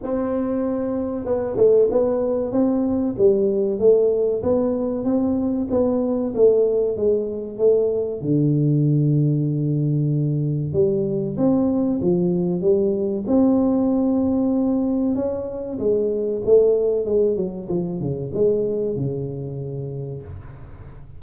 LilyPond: \new Staff \with { instrumentName = "tuba" } { \time 4/4 \tempo 4 = 95 c'2 b8 a8 b4 | c'4 g4 a4 b4 | c'4 b4 a4 gis4 | a4 d2.~ |
d4 g4 c'4 f4 | g4 c'2. | cis'4 gis4 a4 gis8 fis8 | f8 cis8 gis4 cis2 | }